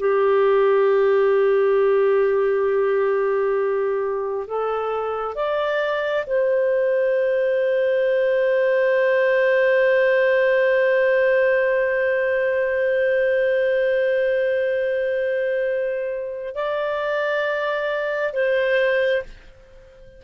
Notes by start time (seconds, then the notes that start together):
0.00 G4
4.47 A4
5.35 D5
6.27 C5
16.55 D5
18.33 C5